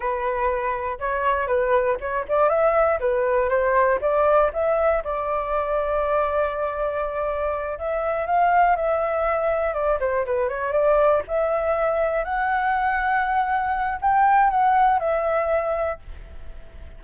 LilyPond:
\new Staff \with { instrumentName = "flute" } { \time 4/4 \tempo 4 = 120 b'2 cis''4 b'4 | cis''8 d''8 e''4 b'4 c''4 | d''4 e''4 d''2~ | d''2.~ d''8 e''8~ |
e''8 f''4 e''2 d''8 | c''8 b'8 cis''8 d''4 e''4.~ | e''8 fis''2.~ fis''8 | g''4 fis''4 e''2 | }